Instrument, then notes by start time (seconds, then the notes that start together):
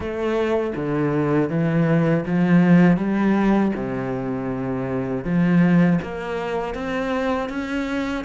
cello
0.00 A3
0.75 D3
1.49 E3
2.25 F3
2.97 G3
3.75 C3
5.24 F3
6.01 A#3
6.74 C4
7.49 C#4